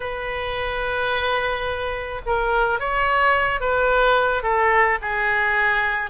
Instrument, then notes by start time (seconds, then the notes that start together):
oboe
0.00 B4
2.26 A#4
2.79 C#5
3.60 B4
4.42 A4
5.01 G#4